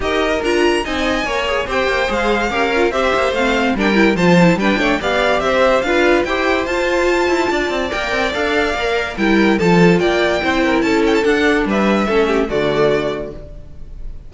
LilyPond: <<
  \new Staff \with { instrumentName = "violin" } { \time 4/4 \tempo 4 = 144 dis''4 ais''4 gis''2 | g''4 f''2 e''4 | f''4 g''4 a''4 g''4 | f''4 e''4 f''4 g''4 |
a''2. g''4 | f''2 g''4 a''4 | g''2 a''8 g''16 a''16 fis''4 | e''2 d''2 | }
  \new Staff \with { instrumentName = "violin" } { \time 4/4 ais'2 dis''4 cis''4 | c''2 ais'4 c''4~ | c''4 ais'4 c''4 b'8 cis''8 | d''4 c''4 b'4 c''4~ |
c''2 d''2~ | d''2 ais'4 a'4 | d''4 c''8 ais'8 a'2 | b'4 a'8 g'8 fis'2 | }
  \new Staff \with { instrumentName = "viola" } { \time 4/4 g'4 f'4 dis'4 ais'8 gis'8 | g'4 gis'4 g'8 f'8 g'4 | c'4 d'8 e'8 f'8 e'8 d'4 | g'2 f'4 g'4 |
f'2. ais'4 | a'4 ais'4 e'4 f'4~ | f'4 e'2 d'4~ | d'4 cis'4 a2 | }
  \new Staff \with { instrumentName = "cello" } { \time 4/4 dis'4 d'4 c'4 ais4 | c'8 ais8 gis4 cis'4 c'8 ais8 | a4 g4 f4 g8 a8 | b4 c'4 d'4 e'4 |
f'4. e'8 d'8 c'8 ais8 c'8 | d'4 ais4 g4 f4 | ais4 c'4 cis'4 d'4 | g4 a4 d2 | }
>>